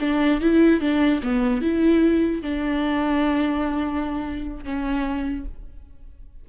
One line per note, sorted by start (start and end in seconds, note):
0.00 0.41 D4
0.41 0.81 E4
0.81 1.21 D4
1.23 1.62 B3
1.62 2.42 E4
2.42 4.64 D4
4.64 5.45 C#4